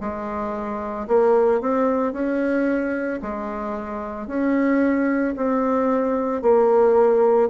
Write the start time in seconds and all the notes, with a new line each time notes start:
0.00 G#3
1.08 A#3
1.61 C4
2.13 C#4
3.22 G#3
4.27 C#4
5.36 C4
6.42 A#3